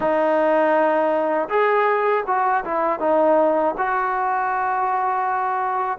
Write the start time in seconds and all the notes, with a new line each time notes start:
0.00 D#4
1.49 G#4
2.26 F#4
2.64 E4
2.99 D#4
3.77 F#4